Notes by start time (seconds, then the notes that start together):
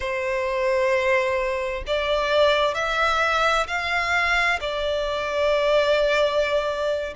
0.00 C5
1.87 D5
2.74 E5
3.67 F5
4.60 D5